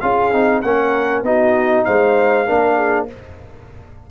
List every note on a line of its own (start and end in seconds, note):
0.00 0.33 C#4
0.00 0.32 F4
0.00 0.62 G#4
0.00 0.61 F5
0.32 0.63 C4
0.32 0.63 D#4
0.62 1.22 A#3
0.62 1.25 C#4
0.62 1.26 A#4
0.62 1.23 F#5
1.22 1.84 B3
1.22 2.46 D#4
1.22 1.86 F#4
1.22 1.85 D#5
1.85 2.49 G#3
1.85 2.47 C5
1.85 3.07 F5
2.46 3.10 A#3
2.46 3.08 D4
2.46 2.76 A#4
2.76 3.07 G#4